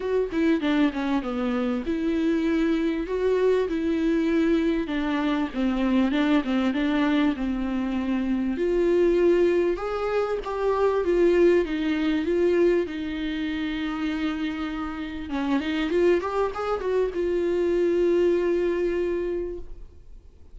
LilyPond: \new Staff \with { instrumentName = "viola" } { \time 4/4 \tempo 4 = 98 fis'8 e'8 d'8 cis'8 b4 e'4~ | e'4 fis'4 e'2 | d'4 c'4 d'8 c'8 d'4 | c'2 f'2 |
gis'4 g'4 f'4 dis'4 | f'4 dis'2.~ | dis'4 cis'8 dis'8 f'8 g'8 gis'8 fis'8 | f'1 | }